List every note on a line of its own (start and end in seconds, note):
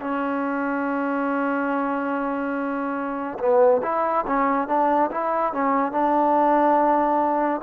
0.00 3.38 C#4
3.39 3.81 B3
3.83 4.25 E4
4.26 4.67 C#4
4.67 5.10 D4
5.11 5.53 E4
5.53 5.92 C#4
5.92 7.61 D4